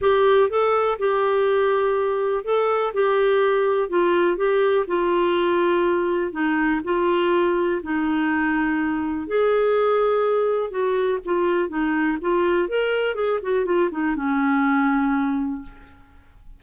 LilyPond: \new Staff \with { instrumentName = "clarinet" } { \time 4/4 \tempo 4 = 123 g'4 a'4 g'2~ | g'4 a'4 g'2 | f'4 g'4 f'2~ | f'4 dis'4 f'2 |
dis'2. gis'4~ | gis'2 fis'4 f'4 | dis'4 f'4 ais'4 gis'8 fis'8 | f'8 dis'8 cis'2. | }